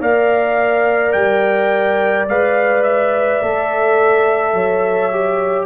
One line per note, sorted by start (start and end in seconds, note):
0.00 1.13 A#3
0.00 2.26 A#4
0.00 4.53 D5
0.00 1.12 F5
1.12 2.27 G3
1.12 2.25 G5
2.27 3.40 G#3
2.27 3.42 B4
2.27 2.83 F5
2.83 5.66 E5
3.42 4.53 A3
3.42 5.12 A4
4.53 5.66 F#3
4.53 5.66 C#5
5.12 5.66 G4